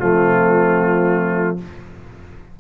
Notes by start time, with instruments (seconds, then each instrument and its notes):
0.00 tuba F3, trombone A3, horn C4, trumpet F4